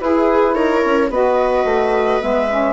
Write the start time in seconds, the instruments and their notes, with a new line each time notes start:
0.00 bassoon E4, saxophone E4, viola G#4, flute B4
0.55 bassoon D#4, viola A#4, flute C#5
0.85 bassoon C#4
1.10 bassoon B3, saxophone F#4, viola B4, flute D#5
1.65 bassoon A3
2.21 bassoon G#3, saxophone B3, flute E5
2.51 saxophone C#4